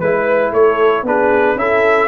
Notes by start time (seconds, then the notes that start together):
0.00 G#3 E4 B4
0.52 A3 A4 C#5
1.03 B3 D4 G#4 B4
1.55 C#4 E4 A4 E5